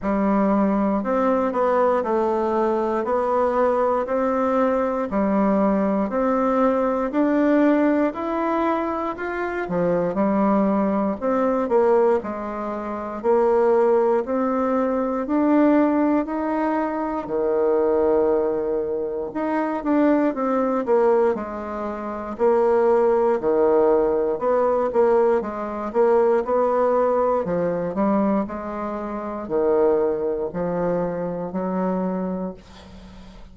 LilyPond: \new Staff \with { instrumentName = "bassoon" } { \time 4/4 \tempo 4 = 59 g4 c'8 b8 a4 b4 | c'4 g4 c'4 d'4 | e'4 f'8 f8 g4 c'8 ais8 | gis4 ais4 c'4 d'4 |
dis'4 dis2 dis'8 d'8 | c'8 ais8 gis4 ais4 dis4 | b8 ais8 gis8 ais8 b4 f8 g8 | gis4 dis4 f4 fis4 | }